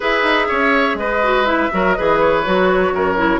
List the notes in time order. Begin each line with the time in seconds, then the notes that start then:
0.00 E4 G#4 B4 E5
0.23 D#4
0.47 C#4 C#5
0.94 G#3 B4 D#5
1.22 F#4
1.45 E4 E5
1.71 F#3 F#4 A#4
1.93 G#4 B4 D#5
1.99 E3
2.20 C#5
2.44 F#3 F#4
2.91 F#2 A#4
3.16 E4